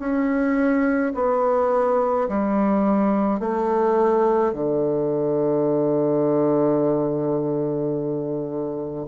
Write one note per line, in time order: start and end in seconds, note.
0.00 1.13 C#4
1.15 2.28 B3
2.29 3.40 G3
3.40 4.53 A3
4.54 9.07 D3